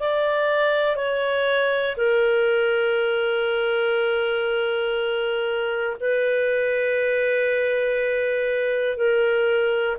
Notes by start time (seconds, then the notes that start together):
0.00 D5
0.96 C#5
1.96 A#4
6.00 B4
8.97 A#4